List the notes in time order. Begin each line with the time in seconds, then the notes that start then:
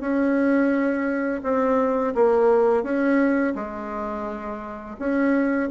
0.00 C#4
1.43 C4
2.14 A#3
2.83 C#4
3.55 G#3
4.99 C#4